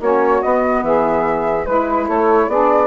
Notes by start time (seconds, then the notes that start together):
0.00 A#3 C#4 F#4 C#5
0.42 B3 D#5
0.83 E3 G#4 E5
1.66 G#3 E4 B4
2.06 A3 A4 C#5
2.48 B3 D4 G#4 D5